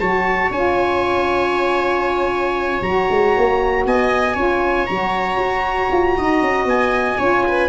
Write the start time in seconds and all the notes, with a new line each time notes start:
0.00 F#3 F#4 C#5 A5
0.51 C#4 F4 G#5
2.82 F#3 F#4 A#5
3.11 G#3
3.37 A#3
3.86 B3 D#5 G#5
4.35 C#4 F4 C#5
4.87 F#3 F#4 A#5
5.38 F#4
5.92 F4
6.18 D#4 D#5
6.42 C#4
6.65 B3 G#5
7.19 C#4 F4 C#5
7.48 B4